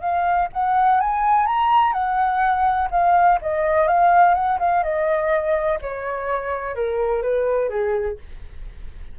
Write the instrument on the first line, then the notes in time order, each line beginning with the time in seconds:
flute
0.00 F5
0.52 F#5
1.00 G#5
1.46 A#5
1.92 F#5
2.90 F5
3.41 D#5
3.87 F5
4.34 F#5
4.59 F5
4.83 D#5
5.81 C#5
6.75 A#4
7.22 B4
7.69 G#4